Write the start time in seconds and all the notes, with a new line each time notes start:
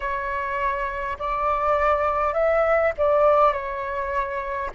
0.00 C#5
1.18 D5
2.33 E5
2.97 D5
3.52 C#5